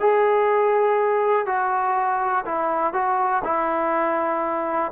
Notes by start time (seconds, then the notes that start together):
0.00 G#4
1.46 F#4
2.46 E4
2.94 F#4
3.44 E4